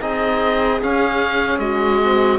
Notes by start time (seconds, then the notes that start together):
0.00 C4 D#4 G#4 D#5
0.83 C#4 F5
1.59 G#3 F#4 D#5
2.02 C4